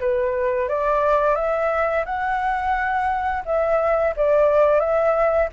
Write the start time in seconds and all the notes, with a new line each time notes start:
0.00 B4
0.68 D5
1.35 E5
2.05 F#5
3.45 E5
4.16 D5
4.80 E5